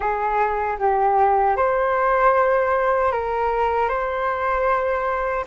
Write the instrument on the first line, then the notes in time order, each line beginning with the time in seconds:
flute
0.00 G#4
0.78 G4
1.56 C5
3.11 A#4
3.89 C5